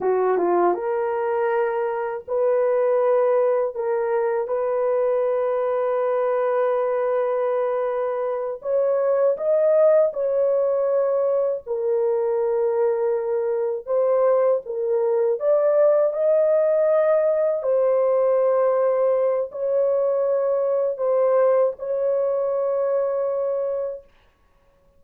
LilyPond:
\new Staff \with { instrumentName = "horn" } { \time 4/4 \tempo 4 = 80 fis'8 f'8 ais'2 b'4~ | b'4 ais'4 b'2~ | b'2.~ b'8 cis''8~ | cis''8 dis''4 cis''2 ais'8~ |
ais'2~ ais'8 c''4 ais'8~ | ais'8 d''4 dis''2 c''8~ | c''2 cis''2 | c''4 cis''2. | }